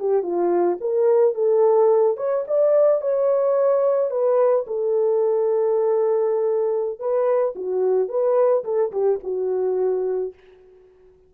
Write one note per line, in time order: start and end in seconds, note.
0.00 0.23 G4
0.23 0.78 F4
0.81 1.35 A#4
1.35 2.18 A4
2.18 2.45 C#5
2.48 3.02 D5
3.02 4.11 C#5
4.11 4.66 B4
4.68 7.00 A4
7.00 7.55 B4
7.56 8.09 F#4
8.09 8.64 B4
8.64 8.92 A4
8.92 9.20 G4
9.24 10.34 F#4